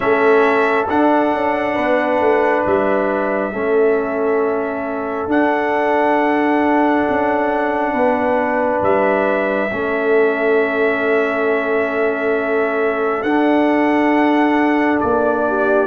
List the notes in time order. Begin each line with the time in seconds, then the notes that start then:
0.00 A3 C#4 A4 E5
0.88 D4 F#5
1.33 C#4
1.74 B3 B4
2.20 A3
2.66 G3 E5
3.52 A3 C#4 A4
5.27 D4 F#5
7.09 C#4
7.93 B3 B4
8.81 G3 E5
9.71 A3 C#4 A4
13.22 D4 F#5
15.00 A#3 D5
15.48 G4